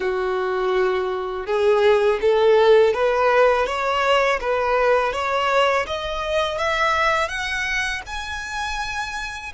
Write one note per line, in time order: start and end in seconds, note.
0.00 1.46 F#4
1.46 2.19 G#4
2.21 2.93 A4
2.93 3.66 B4
3.66 4.39 C#5
4.40 5.13 B4
5.13 5.86 C#5
5.87 6.58 D#5
6.58 7.28 E5
7.28 8.01 F#5
8.06 9.53 G#5